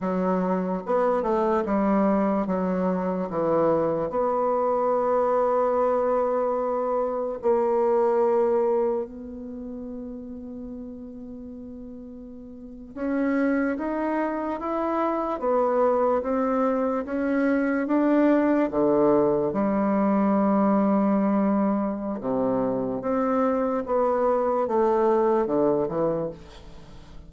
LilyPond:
\new Staff \with { instrumentName = "bassoon" } { \time 4/4 \tempo 4 = 73 fis4 b8 a8 g4 fis4 | e4 b2.~ | b4 ais2 b4~ | b2.~ b8. cis'16~ |
cis'8. dis'4 e'4 b4 c'16~ | c'8. cis'4 d'4 d4 g16~ | g2. c4 | c'4 b4 a4 d8 e8 | }